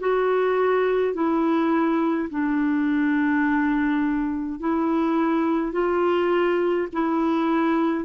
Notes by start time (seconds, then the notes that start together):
0.00 F#4
1.14 E4
2.30 D4
4.60 E4
5.73 F4
6.93 E4